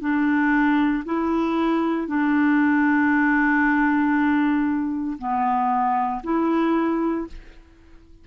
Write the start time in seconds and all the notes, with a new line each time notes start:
0.00 D4
1.05 E4
2.07 D4
5.18 B3
6.23 E4